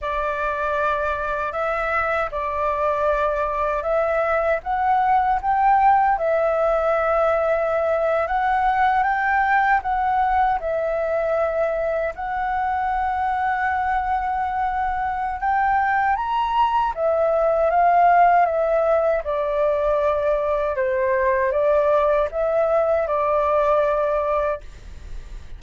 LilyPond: \new Staff \with { instrumentName = "flute" } { \time 4/4 \tempo 4 = 78 d''2 e''4 d''4~ | d''4 e''4 fis''4 g''4 | e''2~ e''8. fis''4 g''16~ | g''8. fis''4 e''2 fis''16~ |
fis''1 | g''4 ais''4 e''4 f''4 | e''4 d''2 c''4 | d''4 e''4 d''2 | }